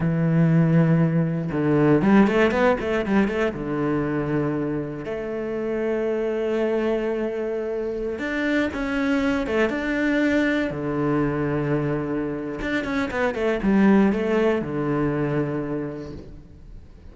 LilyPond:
\new Staff \with { instrumentName = "cello" } { \time 4/4 \tempo 4 = 119 e2. d4 | g8 a8 b8 a8 g8 a8 d4~ | d2 a2~ | a1~ |
a16 d'4 cis'4. a8 d'8.~ | d'4~ d'16 d2~ d8.~ | d4 d'8 cis'8 b8 a8 g4 | a4 d2. | }